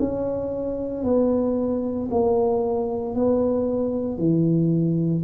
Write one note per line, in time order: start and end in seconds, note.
0.00 1.04 C#4
1.04 2.10 B3
2.11 3.15 A#3
3.15 4.18 B3
4.18 5.23 E3